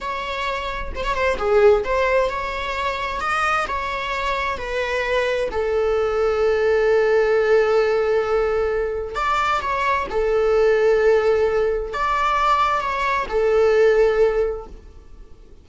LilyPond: \new Staff \with { instrumentName = "viola" } { \time 4/4 \tempo 4 = 131 cis''2 c''16 cis''16 c''8 gis'4 | c''4 cis''2 dis''4 | cis''2 b'2 | a'1~ |
a'1 | d''4 cis''4 a'2~ | a'2 d''2 | cis''4 a'2. | }